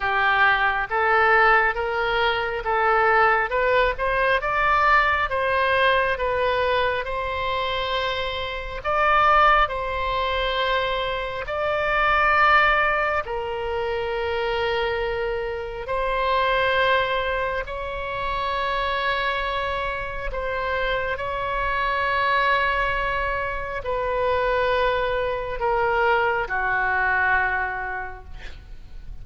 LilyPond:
\new Staff \with { instrumentName = "oboe" } { \time 4/4 \tempo 4 = 68 g'4 a'4 ais'4 a'4 | b'8 c''8 d''4 c''4 b'4 | c''2 d''4 c''4~ | c''4 d''2 ais'4~ |
ais'2 c''2 | cis''2. c''4 | cis''2. b'4~ | b'4 ais'4 fis'2 | }